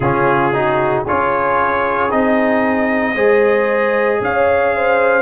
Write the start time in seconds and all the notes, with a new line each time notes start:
0.00 C#3 C#4 F4 G#4
0.53 D#4 F#4
1.02 C#4 F4 G#4 C#5
2.09 C4 D#4 D#5
3.14 G#3 G#4 C5
4.20 C#4 C#5 F5
4.75 C5